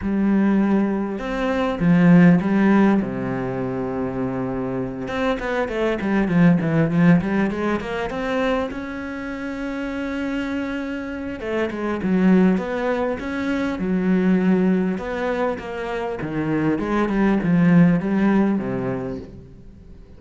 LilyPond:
\new Staff \with { instrumentName = "cello" } { \time 4/4 \tempo 4 = 100 g2 c'4 f4 | g4 c2.~ | c8 c'8 b8 a8 g8 f8 e8 f8 | g8 gis8 ais8 c'4 cis'4.~ |
cis'2. a8 gis8 | fis4 b4 cis'4 fis4~ | fis4 b4 ais4 dis4 | gis8 g8 f4 g4 c4 | }